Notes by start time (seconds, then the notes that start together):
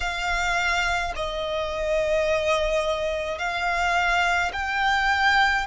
0.00 F5
1.15 D#5
3.38 F5
4.53 G5